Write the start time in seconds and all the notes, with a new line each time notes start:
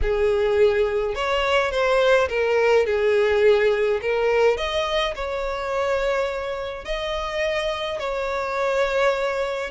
0.02 G#4
1.15 C#5
1.71 C5
2.28 A#4
2.86 G#4
4.01 A#4
4.57 D#5
5.15 C#5
6.84 D#5
7.99 C#5